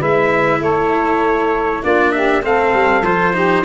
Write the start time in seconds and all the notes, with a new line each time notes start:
0.00 G#3 E4 B4 E5
0.61 A3 A4 C#5
1.83 A#3 D4 F4 D5
2.12 G4 E5
2.43 A3 C4 A4 F5
2.74 G3
3.03 F3 F4 C5
3.34 D#4 G4